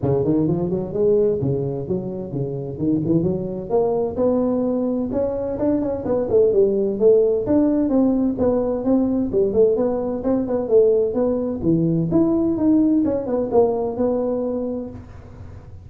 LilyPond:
\new Staff \with { instrumentName = "tuba" } { \time 4/4 \tempo 4 = 129 cis8 dis8 f8 fis8 gis4 cis4 | fis4 cis4 dis8 e8 fis4 | ais4 b2 cis'4 | d'8 cis'8 b8 a8 g4 a4 |
d'4 c'4 b4 c'4 | g8 a8 b4 c'8 b8 a4 | b4 e4 e'4 dis'4 | cis'8 b8 ais4 b2 | }